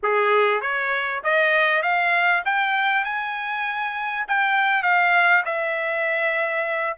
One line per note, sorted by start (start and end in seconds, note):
0.02 0.61 G#4
0.61 1.21 C#5
1.23 1.82 D#5
1.82 2.42 F5
2.45 3.04 G5
3.04 4.25 G#5
4.28 4.83 G5
4.83 5.43 F5
5.45 6.96 E5